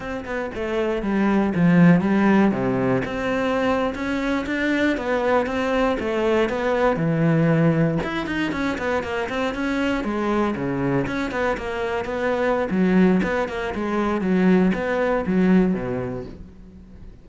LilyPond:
\new Staff \with { instrumentName = "cello" } { \time 4/4 \tempo 4 = 118 c'8 b8 a4 g4 f4 | g4 c4 c'4.~ c'16 cis'16~ | cis'8. d'4 b4 c'4 a16~ | a8. b4 e2 e'16~ |
e'16 dis'8 cis'8 b8 ais8 c'8 cis'4 gis16~ | gis8. cis4 cis'8 b8 ais4 b16~ | b4 fis4 b8 ais8 gis4 | fis4 b4 fis4 b,4 | }